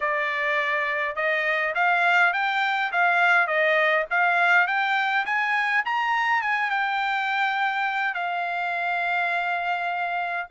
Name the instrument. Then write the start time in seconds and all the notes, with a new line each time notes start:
trumpet
0.00 D5
1.15 D#5
1.74 F5
2.33 G5
2.92 F5
3.47 D#5
4.10 F5
4.67 G5
5.25 G#5
5.85 A#5
6.41 G#5
6.70 G5
8.14 F5